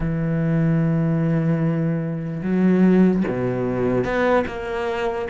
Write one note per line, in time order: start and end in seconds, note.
0.00 2.42 E3
2.42 3.23 F#3
3.28 4.04 B2
4.04 4.44 B3
4.46 5.27 A#3